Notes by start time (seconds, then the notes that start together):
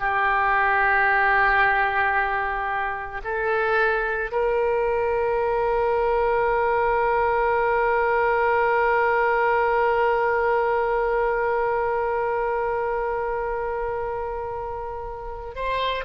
0.00 G4
3.24 A4
4.32 A#4
15.56 C5